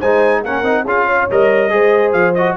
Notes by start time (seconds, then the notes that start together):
0.00 G#3 D#4 C5 G#5
0.43 A#3 C#4 A#4 F#5
0.62 C4 D#4
0.84 C#4 F4 G#4 F5
1.06 C#5
1.31 G3 A#4 D#5
1.70 G#3 G#4 C5
2.12 F3 F5
2.34 F#4 D#5